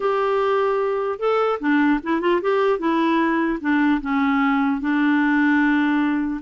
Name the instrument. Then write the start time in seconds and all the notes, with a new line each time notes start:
clarinet
0.00 G4
1.19 A4
1.59 D4
2.03 E4
2.20 F4
2.41 G4
2.79 E4
3.60 D4
4.01 C#4
4.80 D4